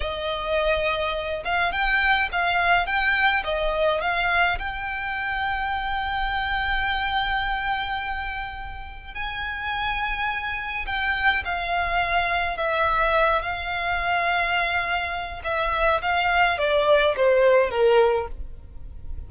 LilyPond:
\new Staff \with { instrumentName = "violin" } { \time 4/4 \tempo 4 = 105 dis''2~ dis''8 f''8 g''4 | f''4 g''4 dis''4 f''4 | g''1~ | g''1 |
gis''2. g''4 | f''2 e''4. f''8~ | f''2. e''4 | f''4 d''4 c''4 ais'4 | }